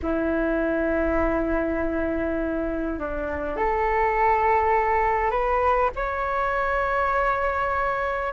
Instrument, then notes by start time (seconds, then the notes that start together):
flute
0.02 E4
2.98 D4
3.56 A4
5.30 B4
5.95 C#5